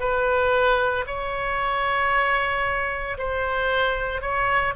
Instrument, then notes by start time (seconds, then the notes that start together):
oboe
0.00 B4
1.07 C#5
3.18 C5
4.22 C#5